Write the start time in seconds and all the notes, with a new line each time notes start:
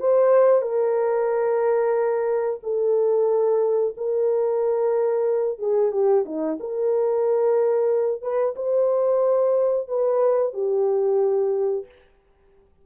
0.00 C5
0.62 A#4
2.63 A4
3.97 A#4
5.59 G#4
5.92 G4
6.25 D#4
6.60 A#4
8.22 B4
8.56 C5
9.88 B4
10.54 G4